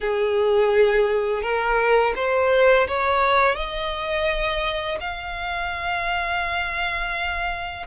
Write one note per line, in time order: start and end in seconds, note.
0.00 1.42 G#4
1.42 2.13 A#4
2.15 2.87 C5
2.87 3.55 C#5
3.55 4.98 D#5
5.00 7.86 F5